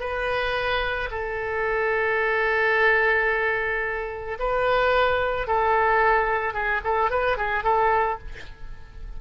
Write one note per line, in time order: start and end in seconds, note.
0.00 1.09 B4
1.11 4.38 A4
4.39 5.47 B4
5.47 6.54 A4
6.54 6.81 G#4
6.84 7.10 A4
7.10 7.37 B4
7.37 7.64 G#4
7.64 8.18 A4